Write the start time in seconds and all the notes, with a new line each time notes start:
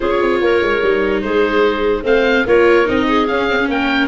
0.00 C#4 F4 G#4 C#5
0.21 C4
0.40 A#3 A#4
0.61 G#3
0.82 G3 D#4
1.21 G#3 G#4 C5
2.03 A3 C4 C5 F5
2.46 A#3 F4 A#4 C#5
2.85 C4 D#4 D#5
3.07 G#4
3.27 C#4 F5
3.50 C4
3.58 C#4
3.68 A#3 A#4 G5